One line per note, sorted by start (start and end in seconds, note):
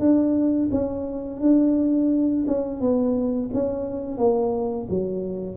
0.00 0.70 D4
0.71 1.41 C#4
1.41 2.46 D4
2.48 2.81 C#4
2.81 3.50 B3
3.54 4.18 C#4
4.18 4.88 A#3
4.90 5.57 F#3